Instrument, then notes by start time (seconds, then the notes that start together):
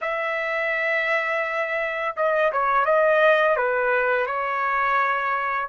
trumpet
0.01 E5
2.16 D#5
2.52 C#5
2.85 D#5
3.56 B4
4.26 C#5